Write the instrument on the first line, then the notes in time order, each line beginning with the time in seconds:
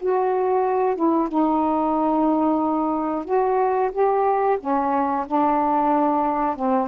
saxophone
0.00 F#4
0.96 E4
1.29 D#4
3.25 F#4
3.92 G4
4.60 C#4
5.27 D4
6.56 C4